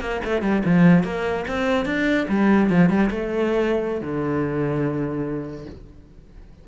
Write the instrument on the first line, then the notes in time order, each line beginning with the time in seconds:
cello
0.00 A#3
0.24 A3
0.41 G3
0.65 F3
1.03 A#3
1.48 C4
1.85 D4
2.28 G3
2.69 F3
2.89 G3
3.10 A3
4.01 D3